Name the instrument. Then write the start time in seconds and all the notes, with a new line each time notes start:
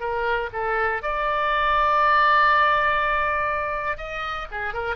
oboe
0.00 A#4
0.53 A4
1.02 D5
3.98 D#5
4.51 G#4
4.74 A#4